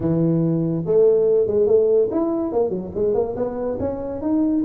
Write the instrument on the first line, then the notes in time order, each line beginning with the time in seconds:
tuba
0.00 E3
0.85 A3
1.47 G#3
1.66 A3
2.11 E4
2.52 A#3
2.69 F#3
2.94 G#3
3.14 A#3
3.36 B3
3.79 C#4
4.21 D#4